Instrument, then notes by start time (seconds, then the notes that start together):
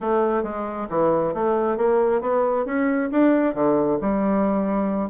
bassoon
0.00 A3
0.43 G#3
0.89 E3
1.34 A3
1.77 A#3
2.21 B3
2.65 C#4
3.11 D4
3.54 D3
4.01 G3